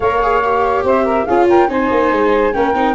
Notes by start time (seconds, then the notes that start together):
0.00 A#3 A#4 C#5 F5
0.22 G#4
0.43 G4
0.83 C4 C5 E5
1.04 A#4
1.25 C#4 F4 G#4 F5
1.48 A#4 G5
1.68 C4 D#4 C5 G#5
1.90 A#3
2.11 G#3
2.53 A#3 C#4 A#4 G5
2.74 C4 D#4